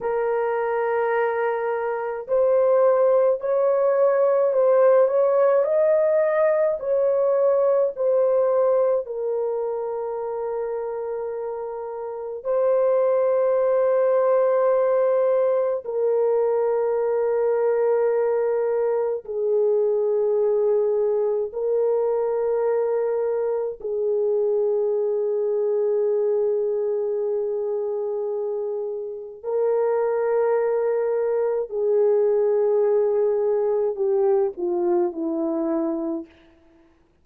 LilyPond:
\new Staff \with { instrumentName = "horn" } { \time 4/4 \tempo 4 = 53 ais'2 c''4 cis''4 | c''8 cis''8 dis''4 cis''4 c''4 | ais'2. c''4~ | c''2 ais'2~ |
ais'4 gis'2 ais'4~ | ais'4 gis'2.~ | gis'2 ais'2 | gis'2 g'8 f'8 e'4 | }